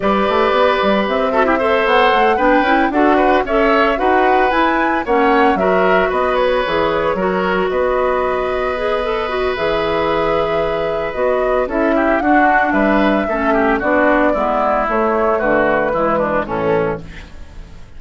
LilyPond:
<<
  \new Staff \with { instrumentName = "flute" } { \time 4/4 \tempo 4 = 113 d''2 e''4. fis''8~ | fis''8 g''4 fis''4 e''4 fis''8~ | fis''8 gis''4 fis''4 e''4 dis''8 | cis''2~ cis''8 dis''4.~ |
dis''2 e''2~ | e''4 dis''4 e''4 fis''4 | e''2 d''2 | cis''4 b'2 a'4 | }
  \new Staff \with { instrumentName = "oboe" } { \time 4/4 b'2~ b'8 a'16 g'16 c''4~ | c''8 b'4 a'8 b'8 cis''4 b'8~ | b'4. cis''4 ais'4 b'8~ | b'4. ais'4 b'4.~ |
b'1~ | b'2 a'8 g'8 fis'4 | b'4 a'8 g'8 fis'4 e'4~ | e'4 fis'4 e'8 d'8 cis'4 | }
  \new Staff \with { instrumentName = "clarinet" } { \time 4/4 g'2~ g'8 fis'16 e'16 a'4~ | a'8 d'8 e'8 fis'4 a'4 fis'8~ | fis'8 e'4 cis'4 fis'4.~ | fis'8 gis'4 fis'2~ fis'8~ |
fis'8 gis'8 a'8 fis'8 gis'2~ | gis'4 fis'4 e'4 d'4~ | d'4 cis'4 d'4 b4 | a2 gis4 e4 | }
  \new Staff \with { instrumentName = "bassoon" } { \time 4/4 g8 a8 b8 g8 c'4. b8 | a8 b8 cis'8 d'4 cis'4 dis'8~ | dis'8 e'4 ais4 fis4 b8~ | b8 e4 fis4 b4.~ |
b2 e2~ | e4 b4 cis'4 d'4 | g4 a4 b4 gis4 | a4 d4 e4 a,4 | }
>>